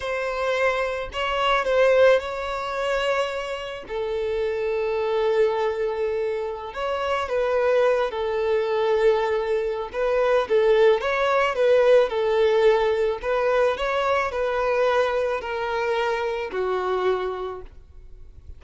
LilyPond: \new Staff \with { instrumentName = "violin" } { \time 4/4 \tempo 4 = 109 c''2 cis''4 c''4 | cis''2. a'4~ | a'1~ | a'16 cis''4 b'4. a'4~ a'16~ |
a'2 b'4 a'4 | cis''4 b'4 a'2 | b'4 cis''4 b'2 | ais'2 fis'2 | }